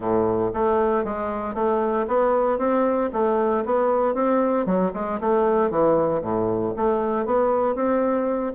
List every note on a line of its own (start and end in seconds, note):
0.00 0.51 A2
0.53 1.04 A3
1.04 1.54 G#3
1.54 2.05 A3
2.07 2.58 B3
2.58 3.10 C4
3.12 3.64 A3
3.65 4.14 B3
4.14 4.66 C4
4.66 4.91 F#3
4.93 5.19 G#3
5.20 5.70 A3
5.70 6.21 E3
6.21 6.73 A2
6.76 7.25 A3
7.25 7.75 B3
7.75 8.52 C4